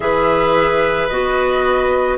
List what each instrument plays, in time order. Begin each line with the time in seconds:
0.00 bassoon E3, clarinet G#4, oboe B4, flute E5
1.08 bassoon B3, clarinet F#4, flute D#5